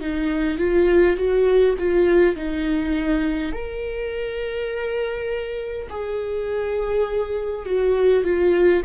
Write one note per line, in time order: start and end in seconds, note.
0.00 0.58 D#4
0.58 1.17 F4
1.17 1.76 F#4
1.78 2.36 F4
2.36 3.52 D#4
3.52 5.88 A#4
5.90 7.66 G#4
7.66 8.24 F#4
8.24 8.82 F4